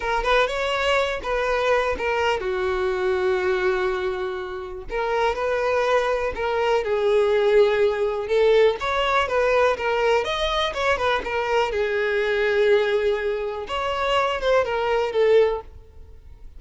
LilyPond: \new Staff \with { instrumentName = "violin" } { \time 4/4 \tempo 4 = 123 ais'8 b'8 cis''4. b'4. | ais'4 fis'2.~ | fis'2 ais'4 b'4~ | b'4 ais'4 gis'2~ |
gis'4 a'4 cis''4 b'4 | ais'4 dis''4 cis''8 b'8 ais'4 | gis'1 | cis''4. c''8 ais'4 a'4 | }